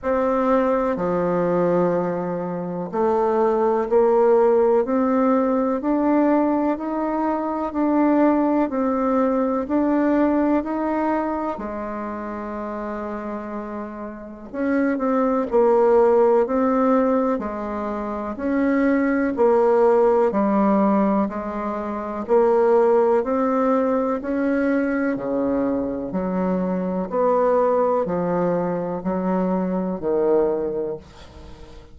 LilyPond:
\new Staff \with { instrumentName = "bassoon" } { \time 4/4 \tempo 4 = 62 c'4 f2 a4 | ais4 c'4 d'4 dis'4 | d'4 c'4 d'4 dis'4 | gis2. cis'8 c'8 |
ais4 c'4 gis4 cis'4 | ais4 g4 gis4 ais4 | c'4 cis'4 cis4 fis4 | b4 f4 fis4 dis4 | }